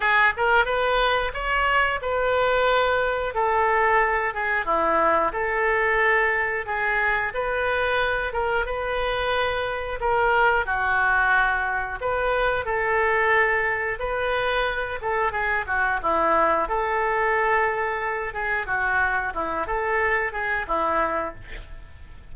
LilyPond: \new Staff \with { instrumentName = "oboe" } { \time 4/4 \tempo 4 = 90 gis'8 ais'8 b'4 cis''4 b'4~ | b'4 a'4. gis'8 e'4 | a'2 gis'4 b'4~ | b'8 ais'8 b'2 ais'4 |
fis'2 b'4 a'4~ | a'4 b'4. a'8 gis'8 fis'8 | e'4 a'2~ a'8 gis'8 | fis'4 e'8 a'4 gis'8 e'4 | }